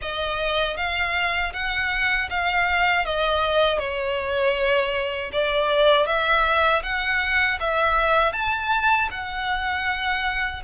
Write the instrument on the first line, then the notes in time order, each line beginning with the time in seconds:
violin
0.01 D#5
0.77 F5
1.53 F#5
2.30 F5
3.05 D#5
3.78 C#5
5.32 D5
6.06 E5
6.83 F#5
7.59 E5
8.33 A5
9.10 F#5